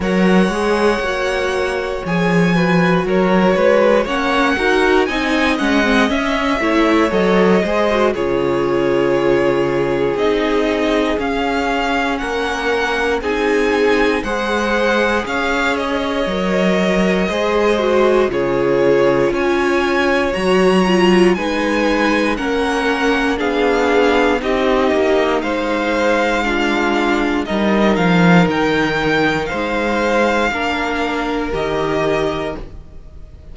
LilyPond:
<<
  \new Staff \with { instrumentName = "violin" } { \time 4/4 \tempo 4 = 59 fis''2 gis''4 cis''4 | fis''4 gis''8 fis''8 e''4 dis''4 | cis''2 dis''4 f''4 | fis''4 gis''4 fis''4 f''8 dis''8~ |
dis''2 cis''4 gis''4 | ais''4 gis''4 fis''4 f''4 | dis''4 f''2 dis''8 f''8 | g''4 f''2 dis''4 | }
  \new Staff \with { instrumentName = "violin" } { \time 4/4 cis''2~ cis''8 b'8 ais'8 b'8 | cis''8 ais'8 dis''4. cis''4 c''8 | gis'1 | ais'4 gis'4 c''4 cis''4~ |
cis''4 c''4 gis'4 cis''4~ | cis''4 b'4 ais'4 gis'4 | g'4 c''4 f'4 ais'4~ | ais'4 c''4 ais'2 | }
  \new Staff \with { instrumentName = "viola" } { \time 4/4 ais'8 gis'8 fis'4 gis'8 fis'4. | cis'8 fis'8 dis'8 cis'16 c'16 cis'8 e'8 a'8 gis'16 fis'16 | f'2 dis'4 cis'4~ | cis'4 dis'4 gis'2 |
ais'4 gis'8 fis'8 f'2 | fis'8 f'8 dis'4 cis'4 d'4 | dis'2 d'4 dis'4~ | dis'2 d'4 g'4 | }
  \new Staff \with { instrumentName = "cello" } { \time 4/4 fis8 gis8 ais4 f4 fis8 gis8 | ais8 dis'8 c'8 gis8 cis'8 a8 fis8 gis8 | cis2 c'4 cis'4 | ais4 c'4 gis4 cis'4 |
fis4 gis4 cis4 cis'4 | fis4 gis4 ais4 b4 | c'8 ais8 gis2 g8 f8 | dis4 gis4 ais4 dis4 | }
>>